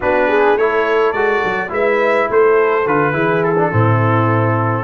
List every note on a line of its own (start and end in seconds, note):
0.00 0.56 B3
0.00 0.58 D4
0.00 0.27 F#4
0.00 0.57 B4
0.27 0.55 G#4
0.55 1.12 A3
0.55 1.15 E4
0.55 1.70 A4
0.55 1.12 C#5
1.12 1.41 G#3
1.12 1.69 F#4
1.12 1.69 D5
1.43 1.70 F#3
1.69 2.27 G#3
1.69 2.83 E4
1.69 2.29 B4
1.69 2.30 E5
2.29 2.86 A3
2.29 3.12 A4
2.29 2.87 C5
2.86 3.13 D3
2.86 3.13 F4
2.86 3.43 B4
3.12 3.71 E3
3.12 3.55 E4
3.12 3.70 G#4
3.43 4.84 A4
3.58 3.72 D4
3.70 4.84 A2
3.70 4.84 C4
3.70 4.84 E4